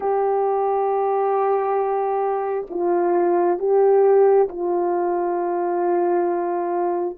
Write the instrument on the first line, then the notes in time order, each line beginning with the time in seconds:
horn
0.00 G4
2.69 F4
3.58 G4
4.48 F4